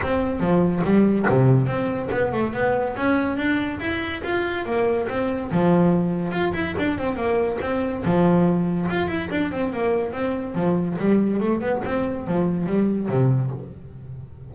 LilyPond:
\new Staff \with { instrumentName = "double bass" } { \time 4/4 \tempo 4 = 142 c'4 f4 g4 c4 | c'4 b8 a8 b4 cis'4 | d'4 e'4 f'4 ais4 | c'4 f2 f'8 e'8 |
d'8 c'8 ais4 c'4 f4~ | f4 f'8 e'8 d'8 c'8 ais4 | c'4 f4 g4 a8 b8 | c'4 f4 g4 c4 | }